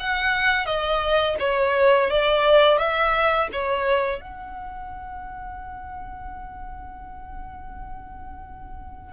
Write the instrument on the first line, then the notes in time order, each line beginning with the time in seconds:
violin
0.00 F#5
0.66 D#5
1.40 C#5
2.10 D5
2.78 E5
3.53 C#5
4.21 F#5